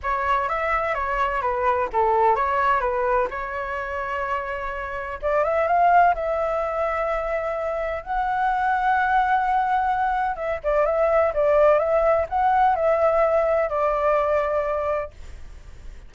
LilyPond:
\new Staff \with { instrumentName = "flute" } { \time 4/4 \tempo 4 = 127 cis''4 e''4 cis''4 b'4 | a'4 cis''4 b'4 cis''4~ | cis''2. d''8 e''8 | f''4 e''2.~ |
e''4 fis''2.~ | fis''2 e''8 d''8 e''4 | d''4 e''4 fis''4 e''4~ | e''4 d''2. | }